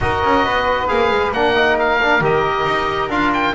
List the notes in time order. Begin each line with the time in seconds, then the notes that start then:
0.00 D#4 F#4 A#4 D#5
0.24 C#4
0.44 B3 B4
0.87 A#3 G#4 F5
1.10 G#3
1.31 A#3 D4 A#4 F#5
1.55 D#4
1.79 F5
2.02 D4
2.20 D#3 G4 D#5
2.66 D#4
3.08 D4 F4 F5
3.33 G5